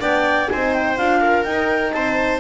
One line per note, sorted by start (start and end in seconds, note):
0.00 0.49 B3
0.00 0.48 D4
0.00 0.49 D5
0.00 0.50 G5
0.50 0.99 C4
0.50 0.98 D#4
0.50 1.21 C5
0.50 0.74 G#5
0.74 0.98 G5
0.98 1.45 D4
0.98 1.45 F4
0.98 1.44 F5
1.21 1.93 A#4
1.44 2.40 D#4
1.44 1.93 D#4
1.44 1.92 G5
1.92 2.40 C4
1.92 2.40 C5
1.92 2.40 A5